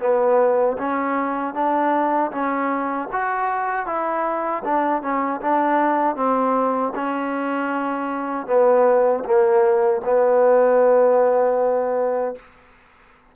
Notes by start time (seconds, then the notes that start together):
0.00 B3
0.78 C#4
1.54 D4
2.31 C#4
3.12 F#4
3.86 E4
4.64 D4
5.02 C#4
5.41 D4
6.16 C4
6.95 C#4
8.47 B3
9.24 A#3
10.05 B3